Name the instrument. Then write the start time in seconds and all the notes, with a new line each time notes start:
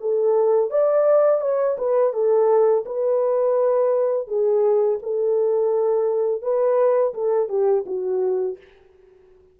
horn
0.00 A4
0.70 D5
1.41 C#5
1.78 B4
2.13 A4
2.85 B4
4.27 G#4
5.02 A4
6.42 B4
7.14 A4
7.48 G4
7.86 F#4